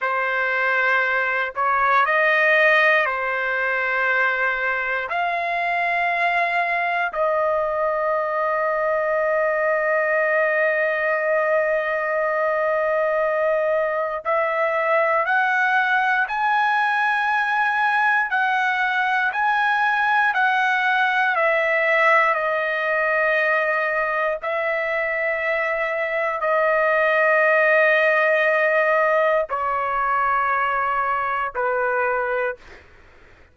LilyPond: \new Staff \with { instrumentName = "trumpet" } { \time 4/4 \tempo 4 = 59 c''4. cis''8 dis''4 c''4~ | c''4 f''2 dis''4~ | dis''1~ | dis''2 e''4 fis''4 |
gis''2 fis''4 gis''4 | fis''4 e''4 dis''2 | e''2 dis''2~ | dis''4 cis''2 b'4 | }